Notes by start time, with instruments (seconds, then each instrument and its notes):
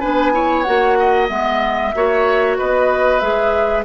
0.00 bassoon B3, clarinet D4, oboe B4, flute G#5
0.33 clarinet E4, oboe C#5
0.63 bassoon A#3, clarinet F#4, flute F#5
0.99 oboe D#5
1.28 bassoon G#3, clarinet B3, flute E5
1.95 bassoon A#3, clarinet F#4, oboe C#5
2.58 bassoon B3, oboe B4, flute D#5
3.20 bassoon G#3, clarinet G#4, flute E5